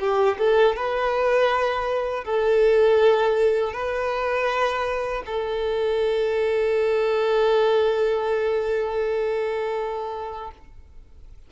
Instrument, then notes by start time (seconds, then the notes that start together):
violin
0.00 G4
0.39 A4
0.76 B4
2.24 A4
3.73 B4
5.26 A4